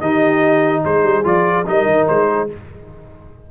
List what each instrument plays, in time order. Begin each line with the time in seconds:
0.00 tuba D#3, trombone D#4, horn G4, trumpet D#5
0.84 tuba G#3, horn G#4, trumpet C5
1.03 tuba G3
1.24 tuba F3, trombone F4, trumpet D5
1.66 tuba G3, trombone D#4, horn A#4, trumpet D#5
1.86 tuba D#3
2.08 tuba G#3, trumpet C5
2.27 horn G#4